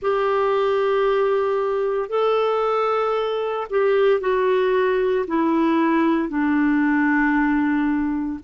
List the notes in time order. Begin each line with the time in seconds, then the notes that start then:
0.02 G4
2.09 A4
3.69 G4
4.20 F#4
5.27 E4
6.28 D4